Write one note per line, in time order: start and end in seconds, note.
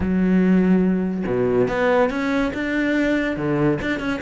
0.00 1.24 F#3
1.26 1.68 B2
1.68 2.10 B3
2.10 2.52 C#4
2.53 3.37 D4
3.37 3.79 D3
3.81 3.99 D4
3.99 4.20 C#4